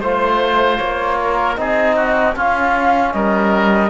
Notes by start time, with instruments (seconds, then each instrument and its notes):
0.00 cello A3, trombone F4, oboe C5, flute C5
0.77 cello A#3, flute C#5
1.20 oboe A#4
1.56 cello C4, trombone D#4, oboe G#4, flute D#5
1.95 oboe F#4
2.35 trombone C#4, cello C#4, oboe F4, flute F5
3.12 cello G3, oboe A#4, flute D#5